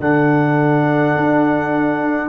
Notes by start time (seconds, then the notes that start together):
0.00 D3 D4 A4 F#5
1.17 D4